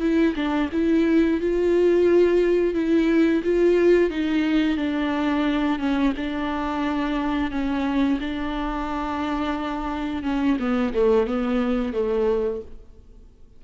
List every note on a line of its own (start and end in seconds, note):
0.00 0.34 E4
0.36 0.70 D4
0.72 1.40 E4
1.41 2.74 F4
2.74 3.42 E4
3.44 4.10 F4
4.10 4.77 D#4
4.77 5.79 D4
5.79 6.13 C#4
6.16 7.51 D4
7.51 8.19 C#4
8.20 10.23 D4
10.23 10.57 C#4
10.59 10.93 B3
10.94 11.27 A3
11.27 11.93 B3
11.93 12.61 A3